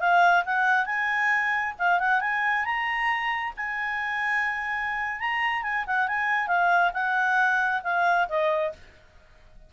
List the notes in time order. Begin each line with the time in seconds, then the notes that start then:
0.00 F5
0.45 F#5
0.86 G#5
1.79 F5
2.00 F#5
2.21 G#5
2.65 A#5
3.57 G#5
5.20 A#5
5.63 G#5
5.87 F#5
6.08 G#5
6.48 F5
6.94 F#5
7.84 F5
8.29 D#5